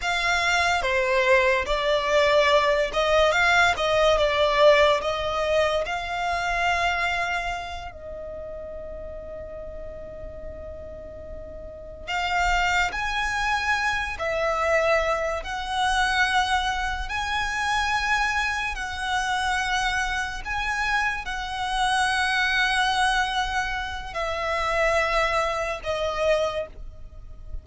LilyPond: \new Staff \with { instrumentName = "violin" } { \time 4/4 \tempo 4 = 72 f''4 c''4 d''4. dis''8 | f''8 dis''8 d''4 dis''4 f''4~ | f''4. dis''2~ dis''8~ | dis''2~ dis''8 f''4 gis''8~ |
gis''4 e''4. fis''4.~ | fis''8 gis''2 fis''4.~ | fis''8 gis''4 fis''2~ fis''8~ | fis''4 e''2 dis''4 | }